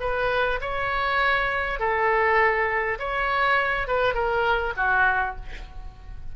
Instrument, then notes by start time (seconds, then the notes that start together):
oboe
0.00 B4
0.60 C#5
1.79 A4
2.99 C#5
3.87 B4
4.14 A#4
4.76 F#4